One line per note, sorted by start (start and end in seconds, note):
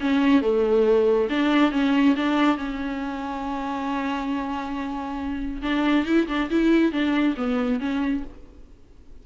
0.00 0.41 C#4
0.41 1.28 A3
1.29 1.71 D4
1.71 2.15 C#4
2.16 2.57 D4
2.57 5.61 C#4
5.62 6.05 D4
6.05 6.27 E4
6.27 6.49 D4
6.50 6.92 E4
6.92 7.35 D4
7.37 7.80 B3
7.80 8.23 C#4